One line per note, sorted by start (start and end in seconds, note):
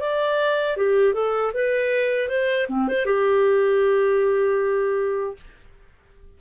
0.00 0.77 D5
0.77 1.13 G4
1.13 1.52 A4
1.53 2.28 B4
2.28 2.67 C5
2.69 2.88 C4
2.88 3.05 C5
3.05 5.36 G4